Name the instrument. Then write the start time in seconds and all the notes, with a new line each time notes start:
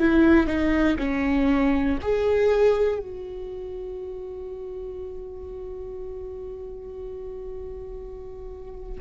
viola
0.00 E4
0.47 D#4
0.99 C#4
2.02 G#4
3.00 F#4